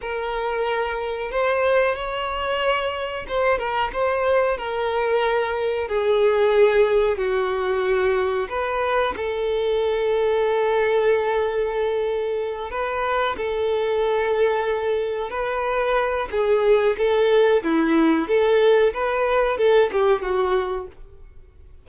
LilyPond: \new Staff \with { instrumentName = "violin" } { \time 4/4 \tempo 4 = 92 ais'2 c''4 cis''4~ | cis''4 c''8 ais'8 c''4 ais'4~ | ais'4 gis'2 fis'4~ | fis'4 b'4 a'2~ |
a'2.~ a'8 b'8~ | b'8 a'2. b'8~ | b'4 gis'4 a'4 e'4 | a'4 b'4 a'8 g'8 fis'4 | }